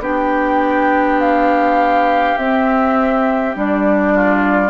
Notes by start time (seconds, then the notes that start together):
0.00 B3 D4 G4 G5
1.21 F5
2.38 C4 E5
3.55 G3 D4 D5
4.15 F4